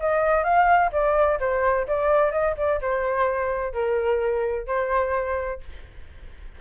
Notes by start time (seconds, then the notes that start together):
0.00 D#5
0.44 F5
0.92 D5
1.40 C5
1.87 D5
2.32 D#5
2.57 D5
2.81 C5
3.73 A#4
4.67 C5